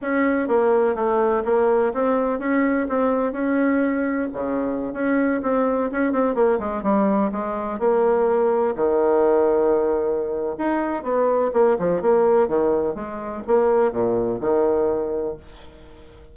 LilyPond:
\new Staff \with { instrumentName = "bassoon" } { \time 4/4 \tempo 4 = 125 cis'4 ais4 a4 ais4 | c'4 cis'4 c'4 cis'4~ | cis'4 cis4~ cis16 cis'4 c'8.~ | c'16 cis'8 c'8 ais8 gis8 g4 gis8.~ |
gis16 ais2 dis4.~ dis16~ | dis2 dis'4 b4 | ais8 f8 ais4 dis4 gis4 | ais4 ais,4 dis2 | }